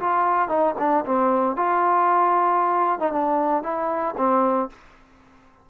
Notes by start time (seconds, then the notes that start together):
0.00 F4
0.49 D#4
0.79 D4
1.06 C4
1.56 F4
3.00 D#4
3.12 D4
3.63 E4
4.17 C4